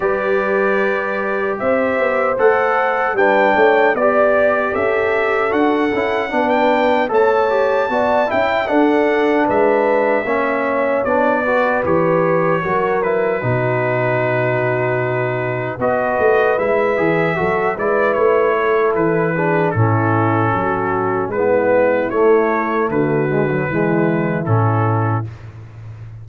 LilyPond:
<<
  \new Staff \with { instrumentName = "trumpet" } { \time 4/4 \tempo 4 = 76 d''2 e''4 fis''4 | g''4 d''4 e''4 fis''4~ | fis''16 g''8. a''4. g''8 fis''4 | e''2 d''4 cis''4~ |
cis''8 b'2.~ b'8 | dis''4 e''4. d''8 cis''4 | b'4 a'2 b'4 | cis''4 b'2 a'4 | }
  \new Staff \with { instrumentName = "horn" } { \time 4/4 b'2 c''2 | b'8 cis''8 d''4 a'2 | b'4 cis''4 d''8 e''8 a'4 | b'4 cis''4. b'4. |
ais'4 fis'2. | b'2 a'8 b'4 a'8~ | a'8 gis'8 e'4 fis'4 e'4~ | e'4 fis'4 e'2 | }
  \new Staff \with { instrumentName = "trombone" } { \time 4/4 g'2. a'4 | d'4 g'2 fis'8 e'8 | d'4 a'8 g'8 fis'8 e'8 d'4~ | d'4 cis'4 d'8 fis'8 g'4 |
fis'8 e'8 dis'2. | fis'4 e'8 gis'8 fis'8 e'4.~ | e'8 d'8 cis'2 b4 | a4. gis16 fis16 gis4 cis'4 | }
  \new Staff \with { instrumentName = "tuba" } { \time 4/4 g2 c'8 b8 a4 | g8 a8 b4 cis'4 d'8 cis'8 | b4 a4 b8 cis'8 d'4 | gis4 ais4 b4 e4 |
fis4 b,2. | b8 a8 gis8 e8 fis8 gis8 a4 | e4 a,4 fis4 gis4 | a4 d4 e4 a,4 | }
>>